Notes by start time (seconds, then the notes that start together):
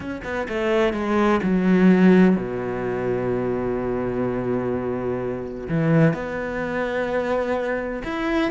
0.00 C#4
0.24 B3
0.48 A3
0.93 G#3
1.42 F#3
2.36 B2
5.68 E3
6.13 B3
8.04 E4